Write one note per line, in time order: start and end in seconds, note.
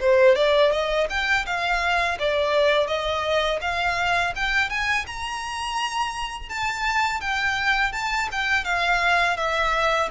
0.00 0.36 C5
0.36 0.72 D5
0.72 1.08 D#5
1.09 1.46 G5
1.46 2.18 F5
2.19 2.87 D5
2.87 3.59 D#5
3.61 4.33 F5
4.36 4.70 G5
4.70 5.06 G#5
5.07 6.49 A#5
6.49 7.21 A5
7.21 7.93 G5
7.93 8.29 A5
8.32 8.65 G5
8.65 9.37 F5
9.37 10.09 E5